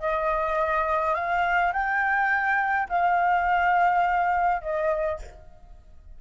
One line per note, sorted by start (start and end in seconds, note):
0.00 1.15 D#5
1.15 1.73 F5
1.73 2.88 G5
2.89 4.62 F5
4.62 5.19 D#5